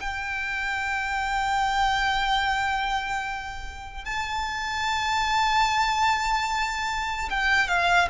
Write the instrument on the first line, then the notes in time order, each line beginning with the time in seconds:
violin
0.00 G5
4.05 A5
7.30 G5
7.68 F5